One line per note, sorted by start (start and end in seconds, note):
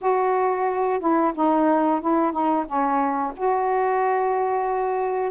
0.01 0.99 F#4
0.99 1.32 E4
1.35 2.00 D#4
2.00 2.32 E4
2.32 2.65 D#4
2.66 3.32 C#4
3.36 5.31 F#4